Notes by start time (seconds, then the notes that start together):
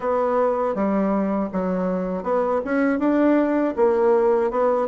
0.00 B3
0.74 G3
1.52 F#3
2.23 B3
2.64 C#4
2.99 D4
3.76 A#3
4.50 B3